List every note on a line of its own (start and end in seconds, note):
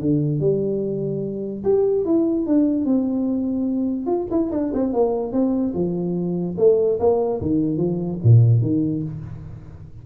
0.00 0.40 D3
0.40 1.64 G3
1.64 2.05 G4
2.05 2.46 E4
2.47 2.85 D4
2.85 4.06 C4
4.06 4.27 F4
4.31 4.51 E4
4.52 4.72 D4
4.74 4.93 C4
4.93 5.33 A#3
5.33 5.74 C4
5.74 6.56 F3
6.58 6.99 A3
7.00 7.41 A#3
7.41 7.77 D#3
7.77 8.19 F3
8.24 8.62 A#2
8.62 9.03 D#3